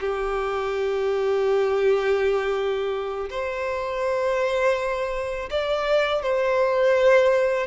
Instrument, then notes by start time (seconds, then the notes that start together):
violin
0.00 G4
3.30 C5
5.50 D5
6.22 C5